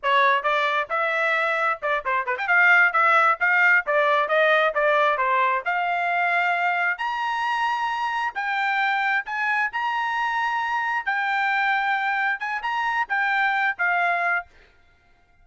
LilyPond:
\new Staff \with { instrumentName = "trumpet" } { \time 4/4 \tempo 4 = 133 cis''4 d''4 e''2 | d''8 c''8 b'16 g''16 f''4 e''4 f''8~ | f''8 d''4 dis''4 d''4 c''8~ | c''8 f''2. ais''8~ |
ais''2~ ais''8 g''4.~ | g''8 gis''4 ais''2~ ais''8~ | ais''8 g''2. gis''8 | ais''4 g''4. f''4. | }